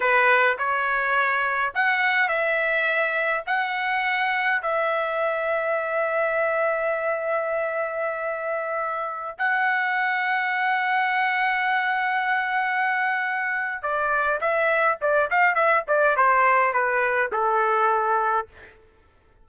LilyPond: \new Staff \with { instrumentName = "trumpet" } { \time 4/4 \tempo 4 = 104 b'4 cis''2 fis''4 | e''2 fis''2 | e''1~ | e''1~ |
e''16 fis''2.~ fis''8.~ | fis''1 | d''4 e''4 d''8 f''8 e''8 d''8 | c''4 b'4 a'2 | }